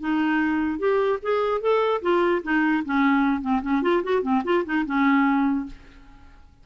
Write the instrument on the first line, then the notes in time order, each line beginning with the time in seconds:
clarinet
0.00 D#4
0.79 G4
1.22 G#4
1.61 A4
2.02 F4
2.43 D#4
2.85 C#4
3.41 C4
3.62 C#4
3.82 F4
4.03 F#4
4.22 C4
4.44 F4
4.65 D#4
4.86 C#4